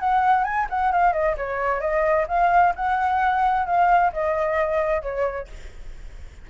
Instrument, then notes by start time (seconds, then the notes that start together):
flute
0.00 F#5
0.44 G#5
0.70 F#5
0.92 F5
1.13 D#5
1.38 C#5
1.81 D#5
2.28 F5
2.76 F#5
3.66 F5
4.13 D#5
5.02 C#5